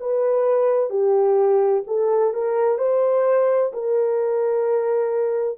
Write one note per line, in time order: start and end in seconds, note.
0.00 0.90 B4
0.90 1.84 G4
1.87 2.34 A4
2.34 2.79 A#4
2.79 3.72 C5
3.73 5.59 A#4